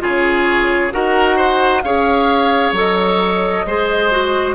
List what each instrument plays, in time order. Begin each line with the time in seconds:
0.00 bassoon C#3, clarinet F4, oboe G#4, flute C#5
0.92 bassoon D#4, clarinet F#4, oboe A#4, flute F#5
1.36 oboe C5
1.82 bassoon C#4, clarinet G#4, oboe C#5, flute F5
2.72 bassoon F#3, clarinet A4, flute D#5
3.65 bassoon G#3, clarinet G#4, oboe C5
4.11 clarinet F#4